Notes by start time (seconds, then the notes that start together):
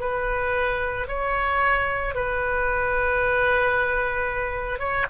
0.00 B4
1.08 C#5
2.15 B4
4.79 C#5